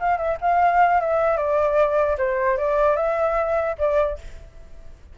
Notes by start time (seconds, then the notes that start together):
0.00 F5
0.18 E5
0.41 F5
1.01 E5
1.38 D5
2.18 C5
2.58 D5
2.97 E5
3.79 D5